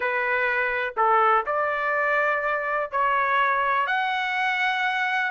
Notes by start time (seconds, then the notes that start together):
0.00 B4
0.96 A4
1.46 D5
2.91 C#5
3.86 F#5